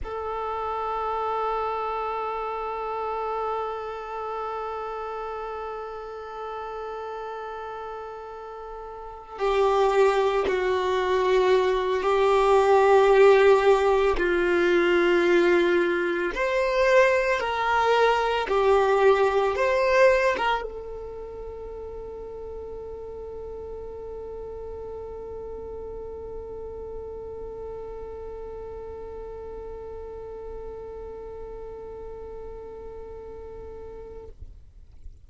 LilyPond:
\new Staff \with { instrumentName = "violin" } { \time 4/4 \tempo 4 = 56 a'1~ | a'1~ | a'8. g'4 fis'4. g'8.~ | g'4~ g'16 f'2 c''8.~ |
c''16 ais'4 g'4 c''8. ais'16 a'8.~ | a'1~ | a'1~ | a'1 | }